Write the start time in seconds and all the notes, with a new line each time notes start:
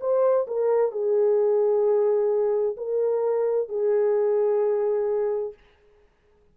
0.00 C5
0.47 A#4
0.91 G#4
2.77 A#4
3.68 G#4